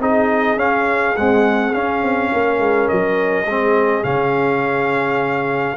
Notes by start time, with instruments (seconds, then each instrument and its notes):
0.00 tuba C4, trombone D#4, horn G#4, trumpet D#5
0.56 tuba C#4, trombone C#4, trumpet F5
1.17 trombone G#3, tuba C4, trumpet F#5
1.74 trombone C#4, tuba C#4, trumpet F5
2.03 tuba C4
2.33 tuba A#3, horn A#4
2.59 tuba G#3
2.88 tuba F#3, trumpet D#5
3.46 tuba G#3, trombone C4, horn G#4
4.04 tuba C#3, trombone C#4, trumpet F5